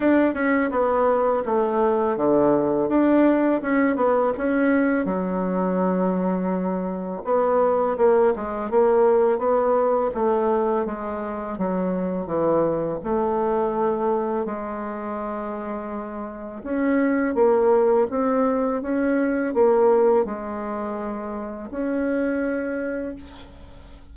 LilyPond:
\new Staff \with { instrumentName = "bassoon" } { \time 4/4 \tempo 4 = 83 d'8 cis'8 b4 a4 d4 | d'4 cis'8 b8 cis'4 fis4~ | fis2 b4 ais8 gis8 | ais4 b4 a4 gis4 |
fis4 e4 a2 | gis2. cis'4 | ais4 c'4 cis'4 ais4 | gis2 cis'2 | }